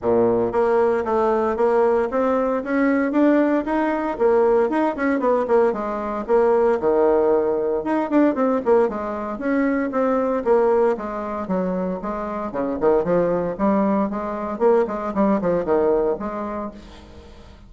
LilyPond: \new Staff \with { instrumentName = "bassoon" } { \time 4/4 \tempo 4 = 115 ais,4 ais4 a4 ais4 | c'4 cis'4 d'4 dis'4 | ais4 dis'8 cis'8 b8 ais8 gis4 | ais4 dis2 dis'8 d'8 |
c'8 ais8 gis4 cis'4 c'4 | ais4 gis4 fis4 gis4 | cis8 dis8 f4 g4 gis4 | ais8 gis8 g8 f8 dis4 gis4 | }